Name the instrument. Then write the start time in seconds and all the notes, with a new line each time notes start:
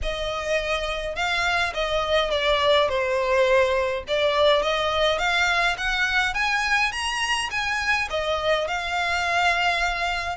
violin
0.02 D#5
1.15 F5
1.73 D#5
2.31 D5
2.88 C5
4.07 D5
4.62 D#5
5.18 F5
5.77 F#5
6.34 G#5
6.92 A#5
7.50 G#5
8.10 D#5
8.67 F5